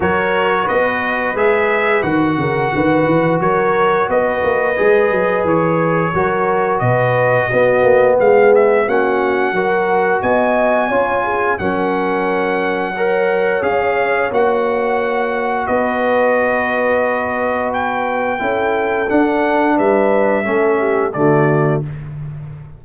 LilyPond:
<<
  \new Staff \with { instrumentName = "trumpet" } { \time 4/4 \tempo 4 = 88 cis''4 dis''4 e''4 fis''4~ | fis''4 cis''4 dis''2 | cis''2 dis''2 | f''8 e''8 fis''2 gis''4~ |
gis''4 fis''2. | f''4 fis''2 dis''4~ | dis''2 g''2 | fis''4 e''2 d''4 | }
  \new Staff \with { instrumentName = "horn" } { \time 4/4 ais'4 b'2~ b'8 ais'8 | b'4 ais'4 b'2~ | b'4 ais'4 b'4 fis'4 | gis'4 fis'4 ais'4 dis''4 |
cis''8 gis'8 ais'2 cis''4~ | cis''2. b'4~ | b'2. a'4~ | a'4 b'4 a'8 g'8 fis'4 | }
  \new Staff \with { instrumentName = "trombone" } { \time 4/4 fis'2 gis'4 fis'4~ | fis'2. gis'4~ | gis'4 fis'2 b4~ | b4 cis'4 fis'2 |
f'4 cis'2 ais'4 | gis'4 fis'2.~ | fis'2. e'4 | d'2 cis'4 a4 | }
  \new Staff \with { instrumentName = "tuba" } { \time 4/4 fis4 b4 gis4 dis8 cis8 | dis8 e8 fis4 b8 ais8 gis8 fis8 | e4 fis4 b,4 b8 ais8 | gis4 ais4 fis4 b4 |
cis'4 fis2. | cis'4 ais2 b4~ | b2. cis'4 | d'4 g4 a4 d4 | }
>>